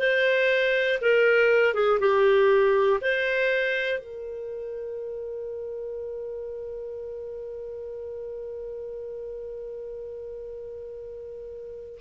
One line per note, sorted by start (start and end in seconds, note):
0.00 1.00 C5
1.02 1.75 A#4
1.75 2.00 G#4
2.00 3.00 G4
3.01 3.99 C5
3.99 11.99 A#4